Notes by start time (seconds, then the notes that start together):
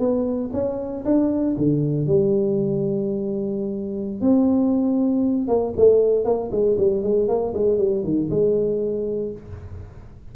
0.00 B3
0.54 C#4
1.06 D4
1.58 D3
2.07 G3
4.22 C4
5.48 A#3
5.77 A3
6.25 A#3
6.52 G#3
6.78 G3
7.04 G#3
7.29 A#3
7.54 G#3
7.79 G3
8.04 D#3
8.31 G#3